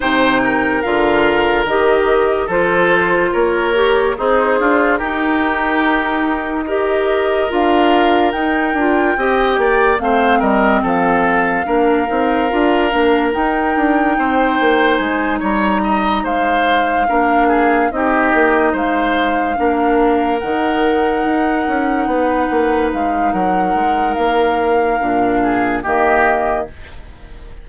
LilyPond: <<
  \new Staff \with { instrumentName = "flute" } { \time 4/4 \tempo 4 = 72 g''4 f''4 dis''4 c''4 | cis''4 c''4 ais'2 | dis''4 f''4 g''2 | f''8 dis''8 f''2. |
g''2 gis''8 ais''4 f''8~ | f''4. dis''4 f''4.~ | f''8 fis''2. f''8 | fis''4 f''2 dis''4 | }
  \new Staff \with { instrumentName = "oboe" } { \time 4/4 c''8 ais'2~ ais'8 a'4 | ais'4 dis'8 f'8 g'2 | ais'2. dis''8 d''8 | c''8 ais'8 a'4 ais'2~ |
ais'4 c''4. cis''8 dis''8 c''8~ | c''8 ais'8 gis'8 g'4 c''4 ais'8~ | ais'2~ ais'8 b'4. | ais'2~ ais'8 gis'8 g'4 | }
  \new Staff \with { instrumentName = "clarinet" } { \time 4/4 dis'4 f'4 g'4 f'4~ | f'8 g'8 gis'4 dis'2 | g'4 f'4 dis'8 f'8 g'4 | c'2 d'8 dis'8 f'8 d'8 |
dis'1~ | dis'8 d'4 dis'2 d'8~ | d'8 dis'2.~ dis'8~ | dis'2 d'4 ais4 | }
  \new Staff \with { instrumentName = "bassoon" } { \time 4/4 c4 d4 dis4 f4 | ais4 c'8 d'8 dis'2~ | dis'4 d'4 dis'8 d'8 c'8 ais8 | a8 g8 f4 ais8 c'8 d'8 ais8 |
dis'8 d'8 c'8 ais8 gis8 g4 gis8~ | gis8 ais4 c'8 ais8 gis4 ais8~ | ais8 dis4 dis'8 cis'8 b8 ais8 gis8 | fis8 gis8 ais4 ais,4 dis4 | }
>>